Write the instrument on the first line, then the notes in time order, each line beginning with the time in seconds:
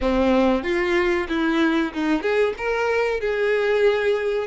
violin
0.01 C4
0.63 F4
1.29 E4
1.93 D#4
2.21 G#4
2.57 A#4
3.20 G#4